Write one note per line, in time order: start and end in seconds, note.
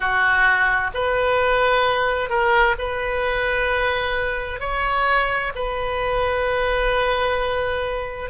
0.00 0.91 F#4
0.94 2.29 B4
2.29 2.75 A#4
2.78 4.59 B4
4.59 5.52 C#5
5.55 8.30 B4